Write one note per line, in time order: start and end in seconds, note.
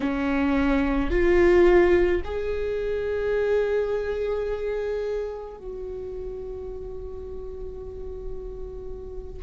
0.00 1.10 C#4
1.10 2.21 F4
2.24 5.57 G#4
5.57 9.42 F#4